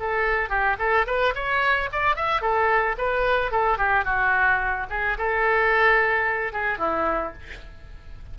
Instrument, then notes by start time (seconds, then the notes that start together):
oboe
0.00 A4
0.50 G4
0.79 A4
1.07 B4
1.35 C#5
1.92 D5
2.16 E5
2.41 A4
2.98 B4
3.52 A4
3.78 G4
4.05 F#4
4.90 G#4
5.18 A4
6.53 G#4
6.78 E4